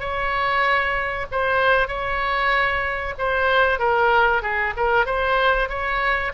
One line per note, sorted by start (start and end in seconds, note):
0.00 1.26 C#5
1.32 1.88 C5
1.88 3.14 C#5
3.19 3.79 C5
3.79 4.42 A#4
4.42 4.74 G#4
4.77 5.06 A#4
5.06 5.69 C5
5.69 6.32 C#5